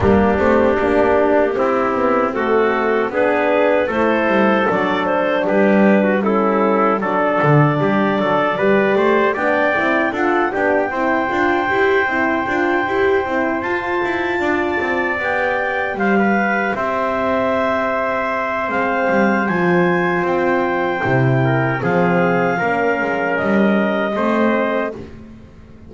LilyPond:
<<
  \new Staff \with { instrumentName = "clarinet" } { \time 4/4 \tempo 4 = 77 g'2. a'4 | b'4 c''4 d''8 c''8 b'4 | a'4 d''2. | g''4 fis''8 g''2~ g''8~ |
g''4. a''2 g''8~ | g''8 f''4 e''2~ e''8 | f''4 gis''4 g''2 | f''2 dis''2 | }
  \new Staff \with { instrumentName = "trumpet" } { \time 4/4 d'2 e'4 fis'4 | gis'4 a'2 g'8. fis'16 | e'4 a'4 g'8 a'8 b'8 c''8 | d''4 a'8 g'8 c''2~ |
c''2~ c''8 d''4.~ | d''8 c''16 b'8. c''2~ c''8~ | c''2.~ c''8 ais'8 | gis'4 ais'2 c''4 | }
  \new Staff \with { instrumentName = "horn" } { \time 4/4 ais8 c'8 d'4 c'8 b8 a4 | d'4 e'4 d'2 | cis'4 d'2 g'4 | d'8 e'8 f'8 d'8 e'8 f'8 g'8 e'8 |
f'8 g'8 e'8 f'2 g'8~ | g'1 | c'4 f'2 e'4 | c'4 cis'2 c'4 | }
  \new Staff \with { instrumentName = "double bass" } { \time 4/4 g8 a8 ais4 c'2 | b4 a8 g8 fis4 g4~ | g4 fis8 d8 g8 fis8 g8 a8 | b8 c'8 d'8 b8 c'8 d'8 e'8 c'8 |
d'8 e'8 c'8 f'8 e'8 d'8 c'8 b8~ | b8 g4 c'2~ c'8 | gis8 g8 f4 c'4 c4 | f4 ais8 gis8 g4 a4 | }
>>